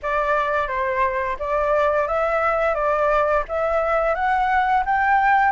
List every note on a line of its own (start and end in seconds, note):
0.02 0.67 D5
0.67 1.36 C5
1.39 2.07 D5
2.07 2.74 E5
2.74 3.43 D5
3.48 4.14 E5
4.14 4.83 F#5
4.85 5.52 G5